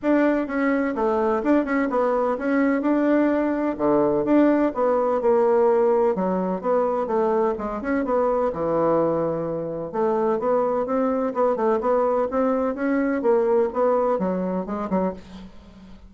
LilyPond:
\new Staff \with { instrumentName = "bassoon" } { \time 4/4 \tempo 4 = 127 d'4 cis'4 a4 d'8 cis'8 | b4 cis'4 d'2 | d4 d'4 b4 ais4~ | ais4 fis4 b4 a4 |
gis8 cis'8 b4 e2~ | e4 a4 b4 c'4 | b8 a8 b4 c'4 cis'4 | ais4 b4 fis4 gis8 fis8 | }